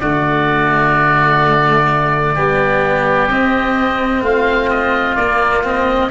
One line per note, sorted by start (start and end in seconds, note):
0.00 2.36 D3
0.00 2.36 A3
0.00 2.34 F#4
0.00 3.28 D5
2.34 3.28 G3
2.34 3.30 B3
2.34 4.21 G4
3.28 4.21 C4
3.28 5.18 C4
3.28 4.24 D#5
4.21 5.15 A3
4.21 6.10 F4
4.21 4.70 F5
4.70 5.16 D#5
5.16 6.10 A#3
5.16 5.63 A#3
5.16 5.62 D5
5.63 6.10 C4
5.63 6.11 D#5